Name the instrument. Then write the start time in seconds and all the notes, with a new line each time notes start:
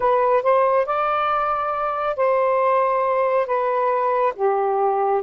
saxophone
0.00 B4
0.42 C5
0.86 D5
2.16 C5
3.46 B4
4.35 G4